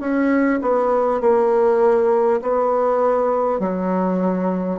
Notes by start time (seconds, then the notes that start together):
0.00 C#4
0.61 B3
1.21 A#3
2.41 B3
3.59 F#3